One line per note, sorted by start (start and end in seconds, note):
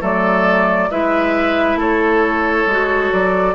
0.00 0.90 F#3
0.00 0.88 A3
0.00 0.89 A4
0.00 0.90 D5
0.90 1.75 G#3
0.90 2.67 E4
0.90 1.78 B4
0.90 1.78 E5
1.75 2.63 A3
1.75 3.55 A4
1.75 3.12 C#5
2.66 3.10 G#3
2.66 3.55 F#4
3.12 3.55 F#3
3.12 3.55 D5